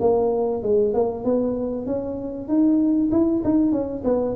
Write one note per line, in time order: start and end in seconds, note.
0.00 0.62 A#3
0.62 0.93 G#3
0.93 1.24 A#3
1.24 1.86 B3
1.86 2.48 C#4
2.48 3.10 D#4
3.11 3.42 E4
3.44 3.72 D#4
3.72 4.03 C#4
4.04 4.35 B3